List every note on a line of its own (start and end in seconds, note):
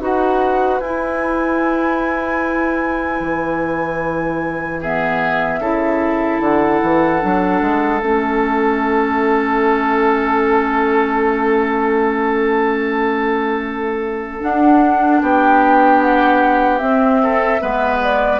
0.00 0.80 D#4
0.00 0.80 F#4
0.00 4.79 B4
0.00 0.80 F#5
0.80 3.20 E4
0.80 4.83 E4
0.80 4.80 G#5
3.20 5.60 E3
4.79 5.61 B3
4.79 5.60 G#4
4.79 6.42 E5
5.60 6.40 C#3
5.60 7.20 E4
5.60 15.21 A4
6.40 6.80 D3
6.40 8.00 F#5
6.82 7.22 E3
7.20 7.61 F#3
7.20 8.00 D4
7.61 8.01 G#3
8.00 14.42 A3
8.00 14.40 C#4
8.00 14.40 E5
14.40 16.79 D4
14.40 15.22 D4
14.40 15.21 F#5
15.22 16.80 B3
15.22 17.22 G4
15.22 16.01 G5
16.01 16.78 F#5
16.78 17.59 C4
16.78 17.61 C4
16.78 17.98 E5
17.23 17.61 A4
17.60 18.39 G#3
17.60 18.39 B3
17.60 18.39 B4
18.02 18.39 D5